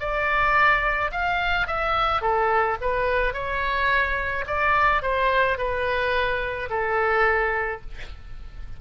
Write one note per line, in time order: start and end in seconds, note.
0.00 1.11 D5
1.12 1.67 F5
1.67 2.22 E5
2.22 2.77 A4
2.81 3.34 B4
3.34 4.45 C#5
4.47 5.03 D5
5.03 5.58 C5
5.58 6.69 B4
6.70 7.81 A4